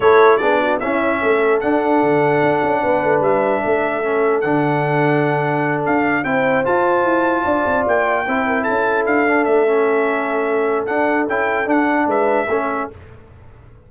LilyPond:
<<
  \new Staff \with { instrumentName = "trumpet" } { \time 4/4 \tempo 4 = 149 cis''4 d''4 e''2 | fis''1 | e''2. fis''4~ | fis''2~ fis''8 f''4 g''8~ |
g''8 a''2. g''8~ | g''4. a''4 f''4 e''8~ | e''2. fis''4 | g''4 fis''4 e''2 | }
  \new Staff \with { instrumentName = "horn" } { \time 4/4 a'4 gis'8 fis'8 e'4 a'4~ | a'2. b'4~ | b'4 a'2.~ | a'2.~ a'8 c''8~ |
c''2~ c''8 d''4.~ | d''8 c''8 ais'8 a'2~ a'8~ | a'1~ | a'2 b'4 a'4 | }
  \new Staff \with { instrumentName = "trombone" } { \time 4/4 e'4 d'4 cis'2 | d'1~ | d'2 cis'4 d'4~ | d'2.~ d'8 e'8~ |
e'8 f'2.~ f'8~ | f'8 e'2~ e'8 d'4 | cis'2. d'4 | e'4 d'2 cis'4 | }
  \new Staff \with { instrumentName = "tuba" } { \time 4/4 a4 b4 cis'4 a4 | d'4 d4 d'8 cis'8 b8 a8 | g4 a2 d4~ | d2~ d8 d'4 c'8~ |
c'8 f'4 e'4 d'8 c'8 ais8~ | ais8 c'4 cis'4 d'4 a8~ | a2. d'4 | cis'4 d'4 gis4 a4 | }
>>